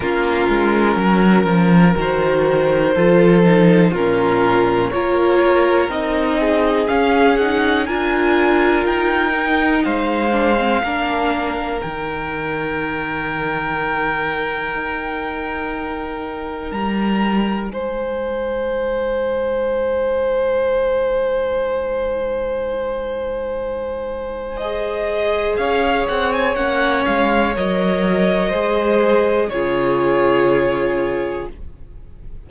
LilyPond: <<
  \new Staff \with { instrumentName = "violin" } { \time 4/4 \tempo 4 = 61 ais'2 c''2 | ais'4 cis''4 dis''4 f''8 fis''8 | gis''4 g''4 f''2 | g''1~ |
g''4 ais''4 gis''2~ | gis''1~ | gis''4 dis''4 f''8 fis''16 gis''16 fis''8 f''8 | dis''2 cis''2 | }
  \new Staff \with { instrumentName = "violin" } { \time 4/4 f'4 ais'2 a'4 | f'4 ais'4. gis'4. | ais'2 c''4 ais'4~ | ais'1~ |
ais'2 c''2~ | c''1~ | c''2 cis''2~ | cis''4 c''4 gis'2 | }
  \new Staff \with { instrumentName = "viola" } { \time 4/4 cis'2 fis'4 f'8 dis'8 | cis'4 f'4 dis'4 cis'8 dis'8 | f'4. dis'4 d'16 c'16 d'4 | dis'1~ |
dis'1~ | dis'1~ | dis'4 gis'2 cis'4 | ais'4 gis'4 f'2 | }
  \new Staff \with { instrumentName = "cello" } { \time 4/4 ais8 gis8 fis8 f8 dis4 f4 | ais,4 ais4 c'4 cis'4 | d'4 dis'4 gis4 ais4 | dis2. dis'4~ |
dis'4 g4 gis2~ | gis1~ | gis2 cis'8 c'8 ais8 gis8 | fis4 gis4 cis2 | }
>>